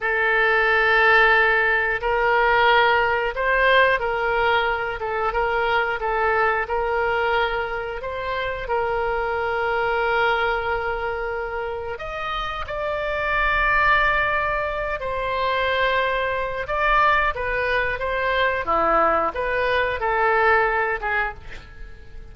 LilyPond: \new Staff \with { instrumentName = "oboe" } { \time 4/4 \tempo 4 = 90 a'2. ais'4~ | ais'4 c''4 ais'4. a'8 | ais'4 a'4 ais'2 | c''4 ais'2.~ |
ais'2 dis''4 d''4~ | d''2~ d''8 c''4.~ | c''4 d''4 b'4 c''4 | e'4 b'4 a'4. gis'8 | }